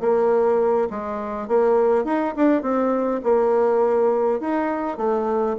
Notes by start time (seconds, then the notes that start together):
0.00 A#3
0.90 G#3
1.47 A#3
2.05 D#4
2.36 D4
2.62 C4
3.23 A#3
4.40 D#4
4.97 A3